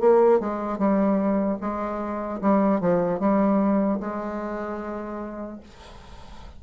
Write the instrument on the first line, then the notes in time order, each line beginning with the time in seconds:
bassoon
0.00 A#3
0.40 G#3
0.79 G3
1.61 G#3
2.41 G3
2.80 F3
3.20 G3
4.00 G#3